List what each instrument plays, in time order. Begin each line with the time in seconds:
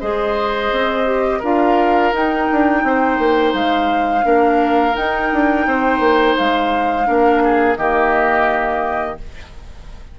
0.00 bassoon G#3, clarinet G#4, oboe C5, flute D#5
0.71 bassoon C4
1.05 clarinet G4
1.39 bassoon D4, clarinet F4, oboe A#4, flute F5
2.13 bassoon D#4, clarinet D#4, flute G5
2.51 bassoon D4
2.83 bassoon C4, oboe C5
3.18 bassoon A#3
3.54 bassoon G#3, flute F5
4.22 bassoon A#3, clarinet D4, oboe A#4
4.94 clarinet D#4, bassoon D#4, flute G5
5.32 bassoon D4
5.66 bassoon C4, oboe C5
5.99 bassoon A#3
6.37 bassoon G#3, flute F5
7.05 bassoon A#3, clarinet D4, oboe A#4
7.43 oboe G#4
7.76 bassoon D#3, clarinet A#3, oboe G4, flute D#5